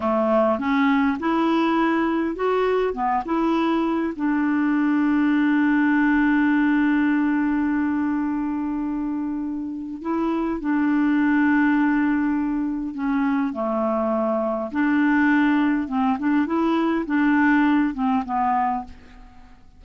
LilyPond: \new Staff \with { instrumentName = "clarinet" } { \time 4/4 \tempo 4 = 102 a4 cis'4 e'2 | fis'4 b8 e'4. d'4~ | d'1~ | d'1~ |
d'4 e'4 d'2~ | d'2 cis'4 a4~ | a4 d'2 c'8 d'8 | e'4 d'4. c'8 b4 | }